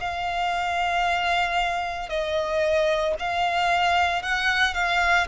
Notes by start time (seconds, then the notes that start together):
0.00 F5
2.09 D#5
3.19 F5
4.22 F#5
4.74 F5